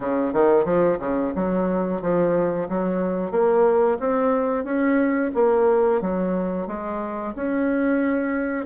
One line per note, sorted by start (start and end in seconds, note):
0.00 0.33 C#3
0.33 0.65 D#3
0.65 0.98 F3
0.99 1.32 C#3
1.35 2.01 F#3
2.01 2.68 F3
2.68 3.31 F#3
3.31 3.98 A#3
3.99 4.64 C4
4.64 5.31 C#4
5.34 6.01 A#3
6.01 6.67 F#3
6.67 7.33 G#3
7.35 8.65 C#4